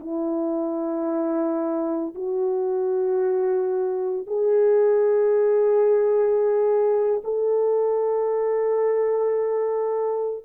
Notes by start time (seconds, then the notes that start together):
0.00 E4
2.14 F#4
4.27 G#4
7.24 A4